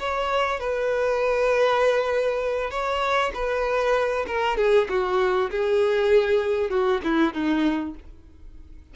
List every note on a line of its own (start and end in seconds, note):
0.00 0.60 C#5
0.60 2.71 B4
2.71 3.32 C#5
3.35 4.26 B4
4.27 4.58 A#4
4.58 4.88 G#4
4.89 5.50 F#4
5.51 6.71 G#4
6.71 7.01 F#4
7.04 7.34 E4
7.34 7.95 D#4